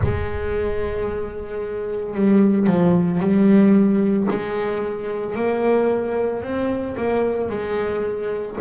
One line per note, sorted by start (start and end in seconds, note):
0.03 2.14 G#3
2.14 2.66 G3
2.66 3.19 F3
3.19 4.27 G3
4.30 5.35 G#3
5.35 6.42 A#3
6.42 6.95 C4
6.96 7.49 A#3
7.49 8.56 G#3